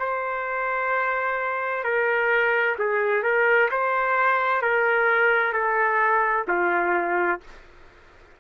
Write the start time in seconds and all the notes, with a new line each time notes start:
0.00 C5
1.84 A#4
2.79 G#4
3.23 A#4
3.72 C5
4.62 A#4
5.53 A4
6.48 F4